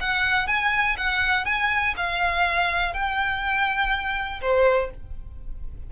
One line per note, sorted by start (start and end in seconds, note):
0.00 0.47 F#5
0.47 0.96 G#5
0.97 1.45 F#5
1.45 1.94 G#5
1.96 2.93 F5
2.93 4.41 G5
4.41 4.90 C5